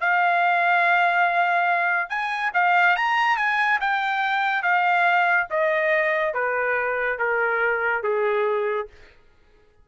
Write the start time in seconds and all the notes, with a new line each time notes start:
0.00 F5
2.09 G#5
2.54 F5
2.96 A#5
3.37 G#5
3.80 G5
4.62 F5
5.50 D#5
6.34 B4
7.18 A#4
8.02 G#4